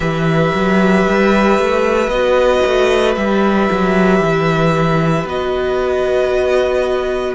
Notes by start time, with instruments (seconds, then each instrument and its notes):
0.00 cello E3, viola G4, violin B4 E5
0.54 cello F#3
1.08 cello G3
1.58 cello A3
2.07 cello B3, viola F#4, violin D#5
2.65 cello A3
3.15 cello G3, viola G4, violin E5
3.71 cello F#3
4.20 cello E3
5.24 cello B3, viola F#4, violin D#5